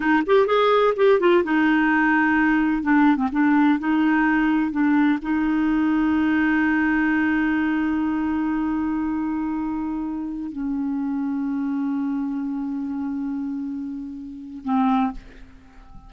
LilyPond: \new Staff \with { instrumentName = "clarinet" } { \time 4/4 \tempo 4 = 127 dis'8 g'8 gis'4 g'8 f'8 dis'4~ | dis'2 d'8. c'16 d'4 | dis'2 d'4 dis'4~ | dis'1~ |
dis'1~ | dis'2~ dis'16 cis'4.~ cis'16~ | cis'1~ | cis'2. c'4 | }